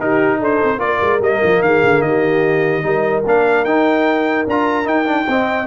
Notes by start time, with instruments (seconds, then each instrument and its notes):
0.00 tuba D#4, trombone D#4, horn G4, trumpet A#4
0.40 tuba D4, horn A4, trumpet C5
0.64 tuba C4
0.79 tuba A#3, trombone F4, horn A#4, trumpet D5
1.02 tuba G#3
1.21 tuba G3, trombone A#3, trumpet D#5
1.44 tuba F3
1.61 tuba D#3, horn G#4, trumpet F5
1.84 tuba D3
2.02 tuba D#3, horn G4, trumpet D#5
2.83 tuba G3, trombone D#4, horn A#4
3.26 tuba A#3, trombone D4, trumpet F5
3.65 tuba D#4, trombone D#4, trumpet G5
4.47 tuba D4, trombone F4, trumpet A#5
4.85 trombone D#4, tuba D#4, trumpet G5
5.06 trombone D4
5.28 tuba C4, trombone C4, horn D#5